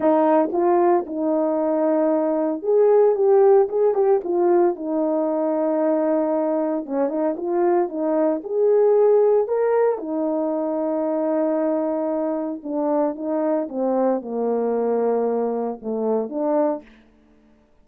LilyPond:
\new Staff \with { instrumentName = "horn" } { \time 4/4 \tempo 4 = 114 dis'4 f'4 dis'2~ | dis'4 gis'4 g'4 gis'8 g'8 | f'4 dis'2.~ | dis'4 cis'8 dis'8 f'4 dis'4 |
gis'2 ais'4 dis'4~ | dis'1 | d'4 dis'4 c'4 ais4~ | ais2 a4 d'4 | }